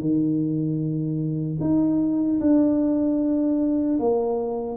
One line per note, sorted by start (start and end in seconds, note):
0.00 1.58 D#3
1.60 2.39 D#4
2.40 3.98 D4
3.99 4.77 A#3